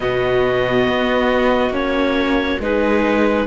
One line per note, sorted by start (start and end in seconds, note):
0.00 0.88 B2
0.00 1.70 B3
0.00 2.62 F#4
0.00 1.73 D#5
0.88 1.70 B3
1.70 2.57 A#3
1.70 2.59 C#4
1.70 2.60 C#5
2.59 3.46 G#3
2.59 3.46 D#4
2.59 3.46 G#4
2.59 3.46 B4